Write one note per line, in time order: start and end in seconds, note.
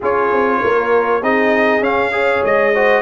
0.00 0.31 C#4
0.00 1.22 F4
0.00 0.60 G#4
0.00 1.23 C#5
0.31 0.62 C4
0.62 1.21 A#3
0.62 1.21 A#4
1.21 1.80 C4
1.21 1.82 D#4
1.21 2.11 G#4
1.21 1.83 D#5
1.80 2.40 C#4
1.80 2.11 C#4
1.80 2.43 F5
2.11 2.72 G#4
2.11 2.74 C#5
2.43 3.01 G#3
2.43 3.01 D#5
2.74 3.01 F#4
2.74 3.01 C5